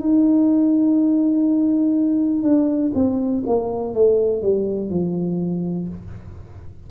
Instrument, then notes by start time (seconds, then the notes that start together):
tuba
0.00 D#4
2.43 D4
2.95 C4
3.46 A#3
3.94 A3
4.43 G3
4.90 F3